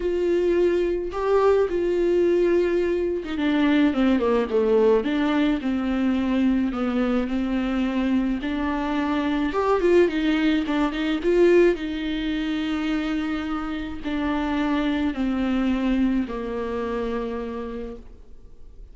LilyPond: \new Staff \with { instrumentName = "viola" } { \time 4/4 \tempo 4 = 107 f'2 g'4 f'4~ | f'4.~ f'16 dis'16 d'4 c'8 ais8 | a4 d'4 c'2 | b4 c'2 d'4~ |
d'4 g'8 f'8 dis'4 d'8 dis'8 | f'4 dis'2.~ | dis'4 d'2 c'4~ | c'4 ais2. | }